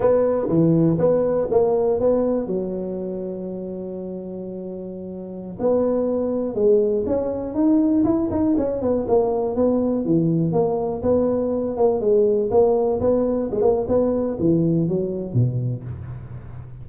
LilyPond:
\new Staff \with { instrumentName = "tuba" } { \time 4/4 \tempo 4 = 121 b4 e4 b4 ais4 | b4 fis2.~ | fis2.~ fis16 b8.~ | b4~ b16 gis4 cis'4 dis'8.~ |
dis'16 e'8 dis'8 cis'8 b8 ais4 b8.~ | b16 e4 ais4 b4. ais16~ | ais16 gis4 ais4 b4 gis16 ais8 | b4 e4 fis4 b,4 | }